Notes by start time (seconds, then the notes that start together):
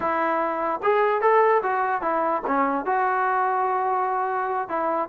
0.00 E4
0.82 G#4
1.21 A4
1.62 F#4
2.01 E4
2.46 C#4
2.85 F#4
4.68 E4